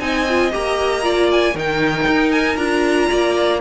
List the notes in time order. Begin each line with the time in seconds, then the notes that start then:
0.00 C4 D#4 D#5 G#5
0.29 F4
0.51 A#3 G4 A#5
1.02 F4 D5
1.31 G#5
1.54 D#3 D#4 A#4 G5
2.07 D#4
2.32 G#5
2.57 D4 F4 A#5
3.10 A#3 D5